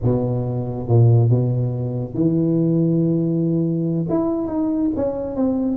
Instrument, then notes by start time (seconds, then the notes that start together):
tuba
0.03 B2
0.88 A#2
1.29 B2
2.14 E3
4.09 E4
4.47 D#4
4.95 C#4
5.36 C4